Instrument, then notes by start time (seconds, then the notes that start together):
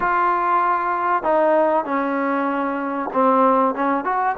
trombone
0.00 F4
1.23 D#4
1.84 C#4
3.13 C4
3.74 C#4
4.04 F#4